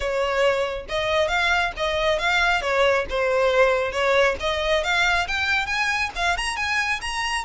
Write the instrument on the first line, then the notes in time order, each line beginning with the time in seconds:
violin
0.00 C#5
0.89 D#5
1.28 F5
1.76 D#5
2.18 F5
2.61 C#5
3.09 C5
3.92 C#5
4.40 D#5
4.83 F5
5.27 G5
5.66 G#5
6.15 F5
6.37 A#5
6.56 G#5
7.01 A#5